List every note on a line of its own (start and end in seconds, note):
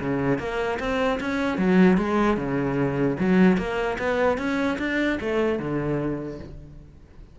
0.00 0.38 C#3
0.38 0.78 A#3
0.79 1.19 C4
1.20 1.58 C#4
1.58 1.97 F#3
1.97 2.37 G#3
2.37 3.17 C#3
3.19 3.57 F#3
3.57 3.97 A#3
3.98 4.38 B3
4.38 4.78 C#4
4.79 5.19 D4
5.21 5.59 A3
5.59 6.39 D3